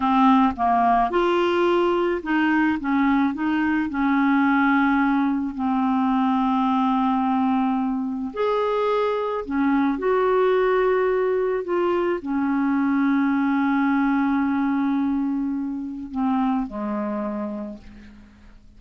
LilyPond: \new Staff \with { instrumentName = "clarinet" } { \time 4/4 \tempo 4 = 108 c'4 ais4 f'2 | dis'4 cis'4 dis'4 cis'4~ | cis'2 c'2~ | c'2. gis'4~ |
gis'4 cis'4 fis'2~ | fis'4 f'4 cis'2~ | cis'1~ | cis'4 c'4 gis2 | }